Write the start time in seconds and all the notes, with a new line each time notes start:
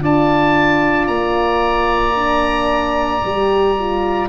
0.00 D4 F4 D5 A5
1.07 A#3 A#5
2.15 D4
3.25 G3 G4
3.79 F4